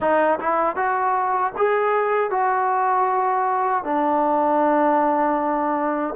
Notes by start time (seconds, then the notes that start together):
0.00 D#4
0.39 E4
0.76 F#4
1.57 G#4
2.30 F#4
3.84 D4